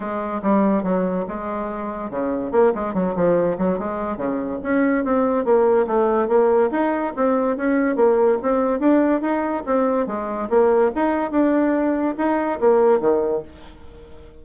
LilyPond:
\new Staff \with { instrumentName = "bassoon" } { \time 4/4 \tempo 4 = 143 gis4 g4 fis4 gis4~ | gis4 cis4 ais8 gis8 fis8 f8~ | f8 fis8 gis4 cis4 cis'4 | c'4 ais4 a4 ais4 |
dis'4 c'4 cis'4 ais4 | c'4 d'4 dis'4 c'4 | gis4 ais4 dis'4 d'4~ | d'4 dis'4 ais4 dis4 | }